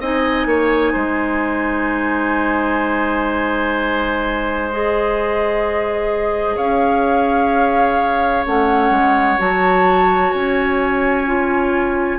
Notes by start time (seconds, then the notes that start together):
0.00 C4 D#4 D#5 G#5
0.46 A#3 C#5
0.93 G#3 C5
4.71 G#4 D#5
6.56 C#4 C#5 F5
8.46 A3 C#4 F#5
8.90 G#3
9.38 F#3 F#4 A5
10.33 C#4 G#5
11.26 F4